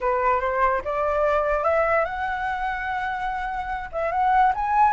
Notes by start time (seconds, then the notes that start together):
0.00 B4
0.40 C5
0.84 D5
1.63 E5
2.04 F#5
3.92 E5
4.11 F#5
4.54 G#5